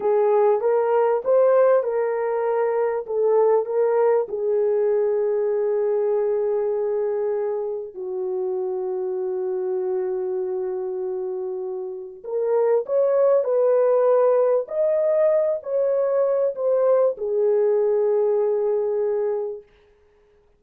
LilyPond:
\new Staff \with { instrumentName = "horn" } { \time 4/4 \tempo 4 = 98 gis'4 ais'4 c''4 ais'4~ | ais'4 a'4 ais'4 gis'4~ | gis'1~ | gis'4 fis'2.~ |
fis'1 | ais'4 cis''4 b'2 | dis''4. cis''4. c''4 | gis'1 | }